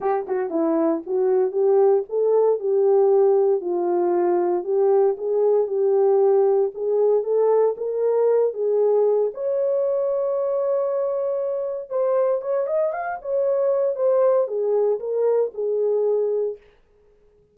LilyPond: \new Staff \with { instrumentName = "horn" } { \time 4/4 \tempo 4 = 116 g'8 fis'8 e'4 fis'4 g'4 | a'4 g'2 f'4~ | f'4 g'4 gis'4 g'4~ | g'4 gis'4 a'4 ais'4~ |
ais'8 gis'4. cis''2~ | cis''2. c''4 | cis''8 dis''8 f''8 cis''4. c''4 | gis'4 ais'4 gis'2 | }